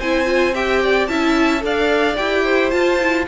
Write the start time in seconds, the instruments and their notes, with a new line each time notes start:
0.00 cello C4, viola E4, violin C5 G#5
0.26 viola F4
0.55 viola G4, violin E5 G5
0.84 violin D5
1.07 cello C#4, viola E4, violin E5 A5
1.60 cello D4, viola A4, violin D5 F5
2.17 cello E4, viola G4, violin G5
2.44 violin C5
2.71 viola F4, cello F4, violin A5
3.00 viola E4